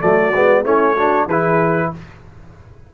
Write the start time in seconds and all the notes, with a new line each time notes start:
0.00 F#3 A3 F#4 D5
0.33 G#3 B3
0.63 A3 C#4 E4 C#5
0.95 D4 F#4
1.26 E3 E4 G#4 B4